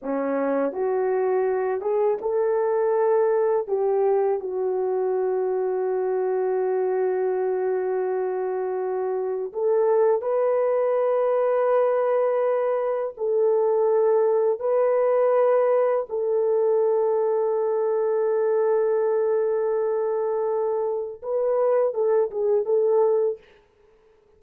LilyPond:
\new Staff \with { instrumentName = "horn" } { \time 4/4 \tempo 4 = 82 cis'4 fis'4. gis'8 a'4~ | a'4 g'4 fis'2~ | fis'1~ | fis'4 a'4 b'2~ |
b'2 a'2 | b'2 a'2~ | a'1~ | a'4 b'4 a'8 gis'8 a'4 | }